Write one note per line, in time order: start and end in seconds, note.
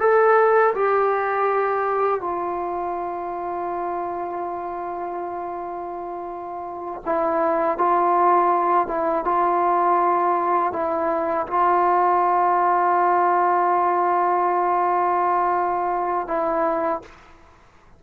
0.00 0.74 A4
0.74 2.21 G4
2.21 7.02 F4
7.05 7.78 E4
7.78 8.87 F4
8.87 9.24 E4
9.25 10.72 F4
10.72 11.46 E4
11.47 16.28 F4
16.28 17.02 E4